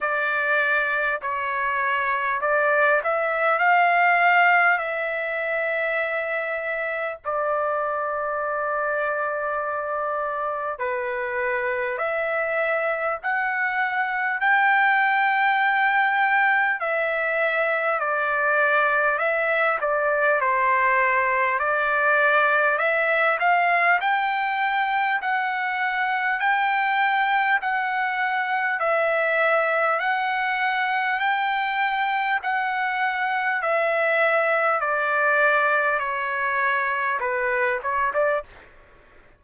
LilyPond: \new Staff \with { instrumentName = "trumpet" } { \time 4/4 \tempo 4 = 50 d''4 cis''4 d''8 e''8 f''4 | e''2 d''2~ | d''4 b'4 e''4 fis''4 | g''2 e''4 d''4 |
e''8 d''8 c''4 d''4 e''8 f''8 | g''4 fis''4 g''4 fis''4 | e''4 fis''4 g''4 fis''4 | e''4 d''4 cis''4 b'8 cis''16 d''16 | }